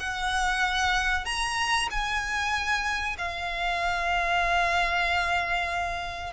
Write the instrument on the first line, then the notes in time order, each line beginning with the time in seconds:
violin
0.00 F#5
1.26 A#5
1.91 G#5
3.19 F5